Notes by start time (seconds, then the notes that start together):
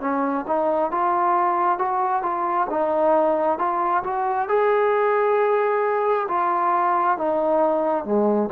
0.00 C#4
0.47 D#4
0.91 F4
1.78 F#4
2.22 F4
2.70 D#4
3.58 F4
4.03 F#4
4.48 G#4
6.28 F4
7.17 D#4
8.04 G#3